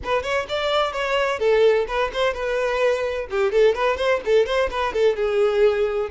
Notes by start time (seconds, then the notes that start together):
0.03 B4
0.22 C#5
0.48 D5
0.92 C#5
1.39 A4
1.87 B4
2.13 C5
2.33 B4
3.30 G4
3.51 A4
3.74 B4
3.96 C5
4.25 A4
4.46 C5
4.70 B4
4.93 A4
5.15 G#4